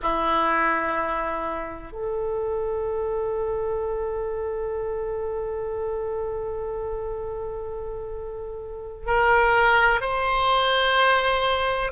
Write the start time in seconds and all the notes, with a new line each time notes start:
0.02 E4
1.92 A4
9.06 A#4
10.00 C5